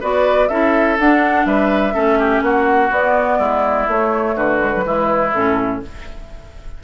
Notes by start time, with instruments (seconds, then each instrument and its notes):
0.00 bassoon B3, clarinet F#4, oboe B4, flute D5
0.48 bassoon C#4, clarinet E4, oboe A4, flute E5
0.99 bassoon D4, clarinet D4, flute F#5
1.45 bassoon G3, oboe B4, flute E5
1.93 bassoon A3, clarinet C#4, oboe A4
2.19 oboe G4
2.41 bassoon A#3, oboe F#4, flute F#5
2.90 bassoon B3, clarinet B3, flute D5
3.38 bassoon G#3, oboe E4
3.87 bassoon A3, clarinet A3, flute C#5
4.35 bassoon D3, oboe F#4, flute B4
4.59 clarinet G#3
4.75 clarinet F#3
4.85 bassoon E3, clarinet G#3, oboe E4
5.33 bassoon A2, clarinet C#4, flute A4